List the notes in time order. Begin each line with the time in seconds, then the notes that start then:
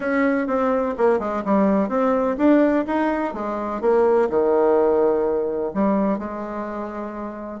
0.00 C#4
0.47 C4
0.97 A#3
1.19 G#3
1.44 G3
1.89 C4
2.37 D4
2.86 D#4
3.33 G#3
3.81 A#3
4.29 D#3
5.74 G3
6.18 G#3